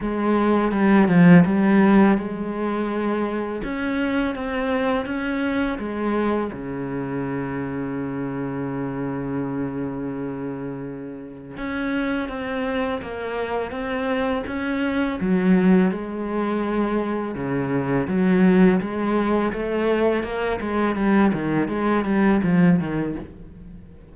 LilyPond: \new Staff \with { instrumentName = "cello" } { \time 4/4 \tempo 4 = 83 gis4 g8 f8 g4 gis4~ | gis4 cis'4 c'4 cis'4 | gis4 cis2.~ | cis1 |
cis'4 c'4 ais4 c'4 | cis'4 fis4 gis2 | cis4 fis4 gis4 a4 | ais8 gis8 g8 dis8 gis8 g8 f8 dis8 | }